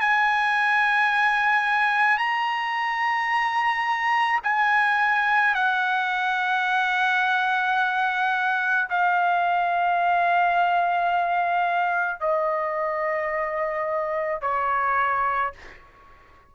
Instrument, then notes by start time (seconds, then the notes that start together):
trumpet
0.00 G#5
2.18 A#5
4.43 G#5
5.55 F#5
8.89 F5
12.20 D#5
14.41 C#5